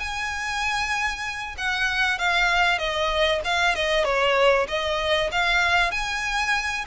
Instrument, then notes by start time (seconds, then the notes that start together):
violin
0.00 G#5
1.58 F#5
2.19 F5
2.79 D#5
3.45 F5
3.76 D#5
4.05 C#5
4.68 D#5
5.32 F5
5.92 G#5